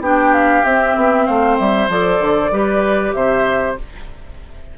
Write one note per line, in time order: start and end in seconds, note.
0.00 0.62 B3
0.00 0.65 D4
0.00 1.26 G4
0.00 0.34 G5
0.34 0.65 F5
0.65 0.96 C4
0.65 1.90 C4
0.65 1.26 E5
0.96 1.27 B3
1.26 1.60 A3
1.26 2.51 C5
1.26 1.58 F5
1.59 1.89 G3
1.59 1.90 E5
1.89 2.20 F3
1.89 2.53 A4
1.89 3.13 D5
2.20 2.51 D3
2.52 3.14 G3
2.52 3.78 G4
2.52 3.15 B4
3.13 3.77 C3
3.13 3.78 C5
3.13 3.76 E5